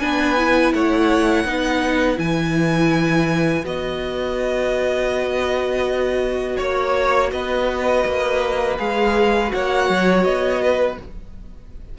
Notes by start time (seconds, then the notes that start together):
0.00 B3 D4 B4 G#5
0.38 E4
0.73 A3 C#5 F#5
1.45 B3 D#4 B4
2.17 E3 E4 G#5
3.64 B3 F#4 D#5
6.57 A#3 C#5
7.32 B3 B4 D#5
8.06 A#3
8.78 G#3 G#4 F5
9.48 F#4 C#5 F#5
9.55 A#3
9.89 F#3
10.24 B3 D#5
10.62 B4